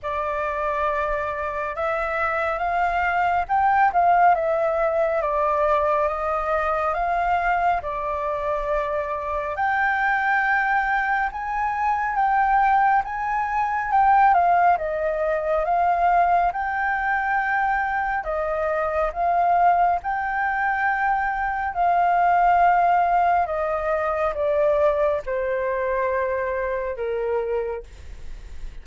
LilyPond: \new Staff \with { instrumentName = "flute" } { \time 4/4 \tempo 4 = 69 d''2 e''4 f''4 | g''8 f''8 e''4 d''4 dis''4 | f''4 d''2 g''4~ | g''4 gis''4 g''4 gis''4 |
g''8 f''8 dis''4 f''4 g''4~ | g''4 dis''4 f''4 g''4~ | g''4 f''2 dis''4 | d''4 c''2 ais'4 | }